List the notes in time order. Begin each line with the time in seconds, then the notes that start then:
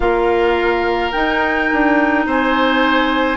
0.00 A#3 F4 A#4 F5
1.11 D#4 G5
1.72 D4
2.26 C4 C5 G#5